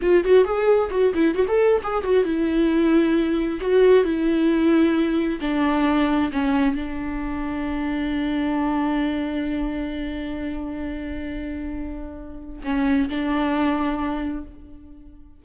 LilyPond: \new Staff \with { instrumentName = "viola" } { \time 4/4 \tempo 4 = 133 f'8 fis'8 gis'4 fis'8 e'8 fis'16 a'8. | gis'8 fis'8 e'2. | fis'4 e'2. | d'2 cis'4 d'4~ |
d'1~ | d'1~ | d'1 | cis'4 d'2. | }